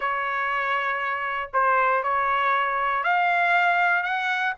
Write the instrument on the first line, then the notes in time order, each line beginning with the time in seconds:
trumpet
0.00 C#5
1.53 C5
2.03 C#5
3.03 F5
4.03 F#5